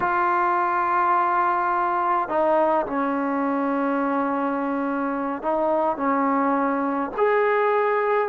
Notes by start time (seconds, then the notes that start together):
0.00 F4
2.29 D#4
2.86 C#4
5.42 D#4
5.97 C#4
7.17 G#4